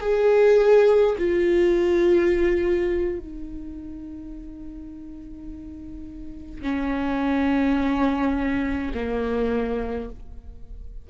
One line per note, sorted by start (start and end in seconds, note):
0.00 1.15 G#4
1.18 3.19 F4
3.19 6.61 D#4
6.61 8.92 C#4
8.94 10.10 A#3